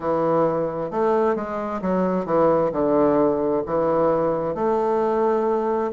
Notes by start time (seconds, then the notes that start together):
0.00 E3
0.90 A3
1.35 G#3
1.81 F#3
2.25 E3
2.71 D3
3.66 E3
4.55 A3